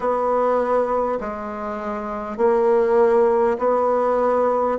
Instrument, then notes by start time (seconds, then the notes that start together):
bassoon
0.00 B3
1.20 G#3
2.37 A#3
3.58 B3